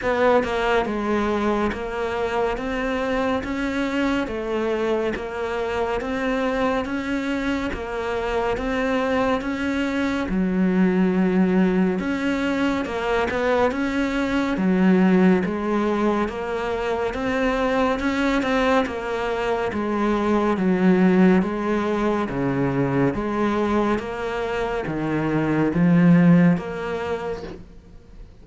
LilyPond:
\new Staff \with { instrumentName = "cello" } { \time 4/4 \tempo 4 = 70 b8 ais8 gis4 ais4 c'4 | cis'4 a4 ais4 c'4 | cis'4 ais4 c'4 cis'4 | fis2 cis'4 ais8 b8 |
cis'4 fis4 gis4 ais4 | c'4 cis'8 c'8 ais4 gis4 | fis4 gis4 cis4 gis4 | ais4 dis4 f4 ais4 | }